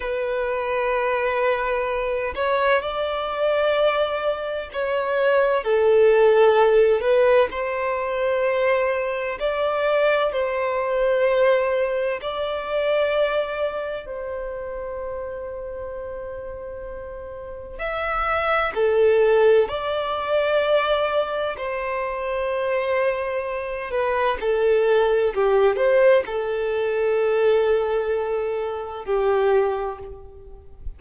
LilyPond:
\new Staff \with { instrumentName = "violin" } { \time 4/4 \tempo 4 = 64 b'2~ b'8 cis''8 d''4~ | d''4 cis''4 a'4. b'8 | c''2 d''4 c''4~ | c''4 d''2 c''4~ |
c''2. e''4 | a'4 d''2 c''4~ | c''4. b'8 a'4 g'8 c''8 | a'2. g'4 | }